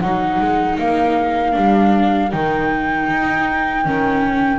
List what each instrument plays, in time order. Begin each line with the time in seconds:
0.00 double bass F#3, viola D#4, trumpet A#4, flute F#5
0.40 double bass G#3
0.78 double bass A#3, flute F5
1.52 double bass G3, viola D4
2.31 double bass D#3, viola D#4, flute G5
3.09 double bass D#4
3.85 double bass D#3, viola C#4